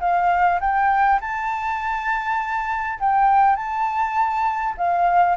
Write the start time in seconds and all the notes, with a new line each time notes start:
0.00 F5
0.60 G5
1.21 A5
2.99 G5
3.56 A5
4.77 F5